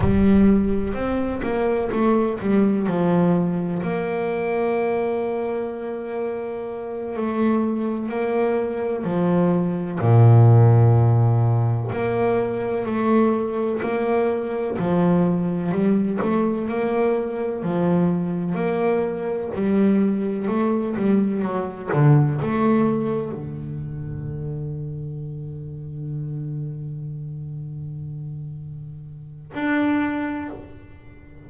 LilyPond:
\new Staff \with { instrumentName = "double bass" } { \time 4/4 \tempo 4 = 63 g4 c'8 ais8 a8 g8 f4 | ais2.~ ais8 a8~ | a8 ais4 f4 ais,4.~ | ais,8 ais4 a4 ais4 f8~ |
f8 g8 a8 ais4 f4 ais8~ | ais8 g4 a8 g8 fis8 d8 a8~ | a8 d2.~ d8~ | d2. d'4 | }